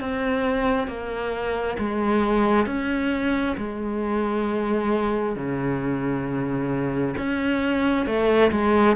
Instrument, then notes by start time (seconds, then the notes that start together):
cello
0.00 C4
0.87 A#3
1.78 G#3
2.66 C#4
3.57 G#3
5.36 C#3
7.17 C#4
8.06 A3
8.51 G#3